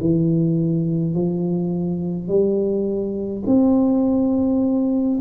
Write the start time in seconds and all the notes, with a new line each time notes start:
0.00 E3
1.14 F3
2.28 G3
3.46 C4